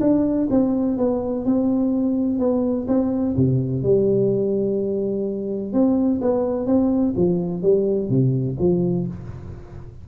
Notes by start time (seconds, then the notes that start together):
0.00 D4
0.50 C4
0.97 B3
1.45 C4
2.39 B3
2.87 C4
3.36 C3
3.82 G3
5.72 C4
6.21 B3
6.66 C4
7.16 F3
7.62 G3
8.09 C3
8.59 F3